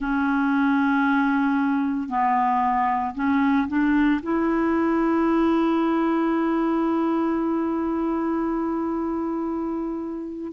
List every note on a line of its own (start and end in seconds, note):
0.00 2.09 C#4
2.09 3.14 B3
3.14 3.67 C#4
3.68 4.21 D4
4.22 10.52 E4